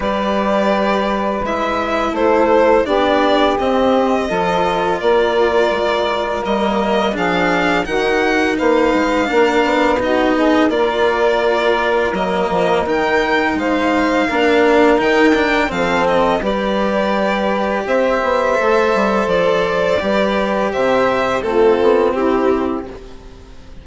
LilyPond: <<
  \new Staff \with { instrumentName = "violin" } { \time 4/4 \tempo 4 = 84 d''2 e''4 c''4 | d''4 dis''2 d''4~ | d''4 dis''4 f''4 fis''4 | f''2 dis''4 d''4~ |
d''4 dis''4 g''4 f''4~ | f''4 g''4 f''8 dis''8 d''4~ | d''4 e''2 d''4~ | d''4 e''4 a'4 g'4 | }
  \new Staff \with { instrumentName = "saxophone" } { \time 4/4 b'2. a'4 | g'2 a'4 ais'4~ | ais'2 gis'4 fis'4 | b'4 ais'4 fis'8 gis'8 ais'4~ |
ais'2. c''4 | ais'2 a'4 b'4~ | b'4 c''2. | b'4 c''4 f'4 e'4 | }
  \new Staff \with { instrumentName = "cello" } { \time 4/4 g'2 e'2 | d'4 c'4 f'2~ | f'4 ais4 d'4 dis'4~ | dis'4 d'4 dis'4 f'4~ |
f'4 ais4 dis'2 | d'4 dis'8 d'8 c'4 g'4~ | g'2 a'2 | g'2 c'2 | }
  \new Staff \with { instrumentName = "bassoon" } { \time 4/4 g2 gis4 a4 | b4 c'4 f4 ais4 | gis4 g4 f4 dis4 | ais8 gis8 ais8 b4. ais4~ |
ais4 fis8 f8 dis4 gis4 | ais4 dis4 f4 g4~ | g4 c'8 b8 a8 g8 f4 | g4 c4 a8 b8 c'4 | }
>>